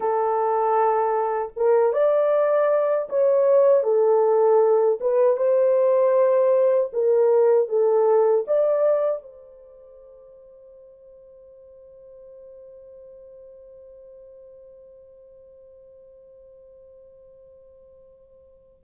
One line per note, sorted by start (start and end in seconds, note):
0.00 1.52 A4
1.56 1.92 A#4
1.92 3.08 D5
3.09 3.83 C#5
3.83 4.98 A4
5.00 5.37 B4
5.37 6.90 C5
6.92 7.68 A#4
7.68 8.45 A4
8.47 9.22 D5
9.22 18.84 C5